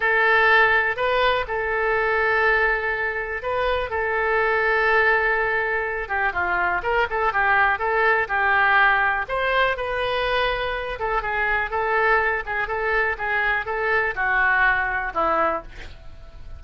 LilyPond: \new Staff \with { instrumentName = "oboe" } { \time 4/4 \tempo 4 = 123 a'2 b'4 a'4~ | a'2. b'4 | a'1~ | a'8 g'8 f'4 ais'8 a'8 g'4 |
a'4 g'2 c''4 | b'2~ b'8 a'8 gis'4 | a'4. gis'8 a'4 gis'4 | a'4 fis'2 e'4 | }